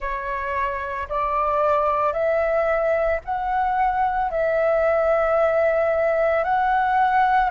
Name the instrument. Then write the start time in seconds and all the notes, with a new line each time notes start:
flute
0.00 C#5
1.09 D5
2.12 E5
3.24 F#5
4.31 E5
6.43 F#5